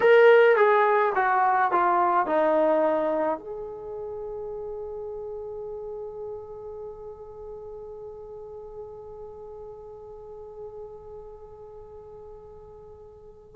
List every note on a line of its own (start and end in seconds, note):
0.00 0.56 A#4
0.56 1.13 G#4
1.15 1.71 F#4
1.71 2.26 F4
2.26 3.38 D#4
3.38 13.55 G#4